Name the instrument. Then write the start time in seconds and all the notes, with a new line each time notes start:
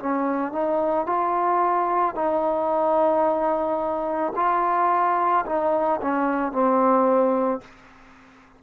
trombone
0.00 C#4
0.53 D#4
1.07 F4
2.15 D#4
4.36 F4
5.46 D#4
6.02 C#4
6.53 C4